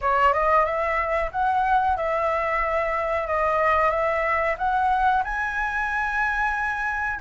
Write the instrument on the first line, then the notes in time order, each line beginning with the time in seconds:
flute
0.01 C#5
0.33 D#5
0.65 E5
1.31 F#5
1.96 E5
3.27 D#5
3.90 E5
4.58 F#5
5.24 G#5